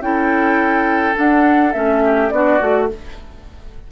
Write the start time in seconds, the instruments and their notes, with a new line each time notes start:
0.00 bassoon C#4, clarinet E4, oboe A4, flute G5
1.14 clarinet D4, bassoon D4, flute F#5
1.72 bassoon A3, clarinet C#4, flute E5
2.04 oboe G4
2.29 bassoon B3, clarinet D4, oboe F#4, flute D5
2.59 bassoon A3, clarinet F#4